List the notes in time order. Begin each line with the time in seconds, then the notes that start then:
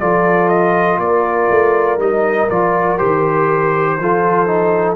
0.00 F3 F4 A4 D5
0.49 D#5
0.98 A#3 A#4 D5
1.50 A3
1.98 G3 D#4 D#5
2.49 F3 F4 D5
2.98 D#3 G4 C5
3.99 F3 F4 A4
4.47 D#4